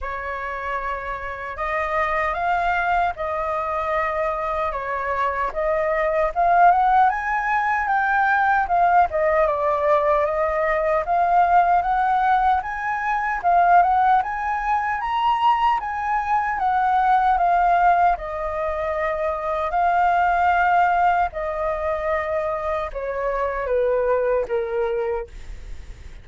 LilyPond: \new Staff \with { instrumentName = "flute" } { \time 4/4 \tempo 4 = 76 cis''2 dis''4 f''4 | dis''2 cis''4 dis''4 | f''8 fis''8 gis''4 g''4 f''8 dis''8 | d''4 dis''4 f''4 fis''4 |
gis''4 f''8 fis''8 gis''4 ais''4 | gis''4 fis''4 f''4 dis''4~ | dis''4 f''2 dis''4~ | dis''4 cis''4 b'4 ais'4 | }